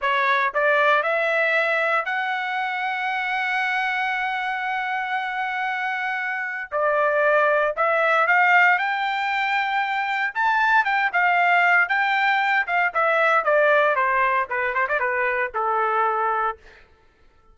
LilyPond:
\new Staff \with { instrumentName = "trumpet" } { \time 4/4 \tempo 4 = 116 cis''4 d''4 e''2 | fis''1~ | fis''1~ | fis''4 d''2 e''4 |
f''4 g''2. | a''4 g''8 f''4. g''4~ | g''8 f''8 e''4 d''4 c''4 | b'8 c''16 d''16 b'4 a'2 | }